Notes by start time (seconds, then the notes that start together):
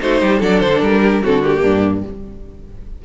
0.00 A3 D#4 F#4 C5
0.21 G3 G4
0.40 F#3 D4 A4 D5
0.60 D3 C5
0.81 G3 A#4
1.03 G4
1.23 D3 C4 F#4 A4
1.43 A#3 G4
1.62 G2 D4